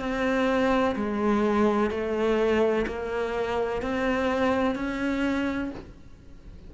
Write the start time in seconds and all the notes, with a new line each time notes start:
0.00 C4
0.96 G#3
1.91 A3
2.87 A#3
3.82 C4
4.76 C#4